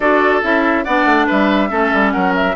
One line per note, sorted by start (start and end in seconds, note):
0.00 0.42 D4
0.00 0.42 F#4
0.00 0.84 A4
0.00 0.41 D5
0.42 0.86 C#4
0.42 0.85 E4
0.42 0.83 E5
0.83 1.05 B3
0.83 1.69 D4
0.83 1.26 D5
0.83 1.26 F#5
1.05 1.26 A3
1.26 1.71 G3
1.26 1.69 B4
1.26 2.11 E5
1.69 1.92 A3
1.69 2.54 C#4
1.69 2.12 A4
1.93 2.14 G3
2.11 2.55 F#3
2.11 2.55 A#4
2.11 2.32 F#5
2.35 2.55 E5